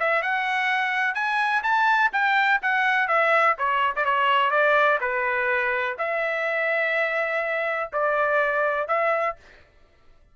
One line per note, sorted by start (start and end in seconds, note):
0.00 0.22 E5
0.22 1.15 F#5
1.15 1.63 G#5
1.63 2.11 A5
2.13 2.61 G5
2.62 3.08 F#5
3.08 3.56 E5
3.58 3.94 C#5
3.96 4.05 D5
4.05 4.51 C#5
4.51 4.99 D5
5.01 5.97 B4
5.98 7.90 E5
7.93 8.88 D5
8.88 9.36 E5